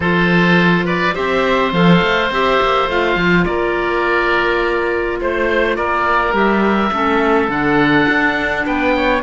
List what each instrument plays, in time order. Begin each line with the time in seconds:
0.00 cello F3, clarinet F4, oboe A4 C5
0.85 oboe B4 D5
1.14 cello C4, clarinet G4, oboe C5 E5
1.72 cello F3, clarinet A4, oboe F5
2.01 cello A3
2.30 cello C4, clarinet G4, oboe E5
2.61 cello A#3
2.88 cello A3, clarinet F4, oboe F5
3.16 cello F3
3.45 cello A#3, oboe A#4 D5
5.20 cello A3, oboe C5
5.76 cello A#3, oboe A#4 D5
6.32 cello G3, clarinet G4, oboe E5
6.91 cello A3, clarinet C#4, oboe A4
7.48 cello D3, clarinet D4, oboe F#5
8.08 cello D4
8.66 cello B3, oboe B4 G5
8.95 oboe C#5